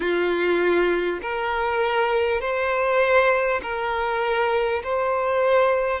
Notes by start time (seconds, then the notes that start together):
0.00 F4
1.22 A#4
2.40 C5
3.62 A#4
4.83 C5